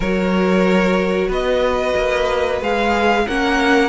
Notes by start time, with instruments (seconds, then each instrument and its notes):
0.00 cello F#3, viola F#4, violin A#4 C#5
1.27 cello B3, violin B4 D#5
1.96 cello A#3
2.61 cello G#3, viola G#4, violin F5
3.26 cello A#3, viola C#4, violin A#4 F#5